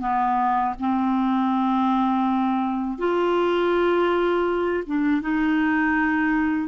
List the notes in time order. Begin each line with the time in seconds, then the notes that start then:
0.00 B3
0.79 C4
2.98 F4
4.86 D4
5.22 D#4